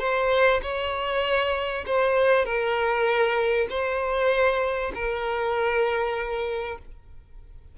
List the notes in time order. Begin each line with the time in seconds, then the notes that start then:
0.00 C5
0.63 C#5
1.87 C5
2.45 A#4
3.70 C5
4.95 A#4